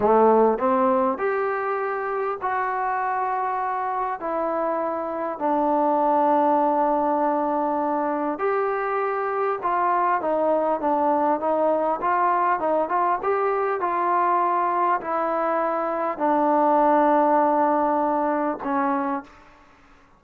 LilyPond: \new Staff \with { instrumentName = "trombone" } { \time 4/4 \tempo 4 = 100 a4 c'4 g'2 | fis'2. e'4~ | e'4 d'2.~ | d'2 g'2 |
f'4 dis'4 d'4 dis'4 | f'4 dis'8 f'8 g'4 f'4~ | f'4 e'2 d'4~ | d'2. cis'4 | }